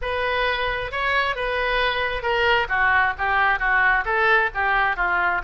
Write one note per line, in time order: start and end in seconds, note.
0.01 0.91 B4
0.91 1.35 C#5
1.35 2.22 B4
2.22 2.67 A#4
2.68 3.13 F#4
3.18 3.59 G4
3.59 4.04 F#4
4.05 4.50 A4
4.54 4.96 G4
4.96 5.41 F4